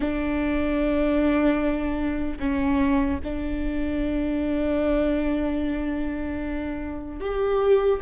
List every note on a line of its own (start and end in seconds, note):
0.00 2.38 D4
2.39 3.19 C#4
3.23 7.20 D4
7.20 8.00 G4